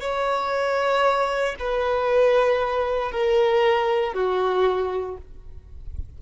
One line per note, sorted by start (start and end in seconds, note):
0.00 1.55 C#5
1.59 3.12 B4
3.12 4.13 A#4
4.13 5.17 F#4